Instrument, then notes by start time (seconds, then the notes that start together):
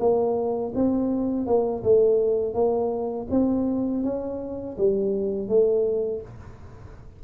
tuba
0.00 A#3
0.75 C4
1.46 A#3
1.83 A3
2.54 A#3
3.30 C4
4.04 C#4
4.78 G3
5.48 A3